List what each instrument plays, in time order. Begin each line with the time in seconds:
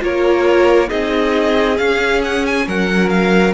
0.00 cello A#3, viola F4, violin A#4 C#5
0.88 cello C4, viola D#4, violin G#4 D#5
1.77 viola C#4, cello C#4, violin F5
2.24 violin F#5
2.46 violin G#5
2.67 cello F#3, violin A#4 F#5
3.09 violin F5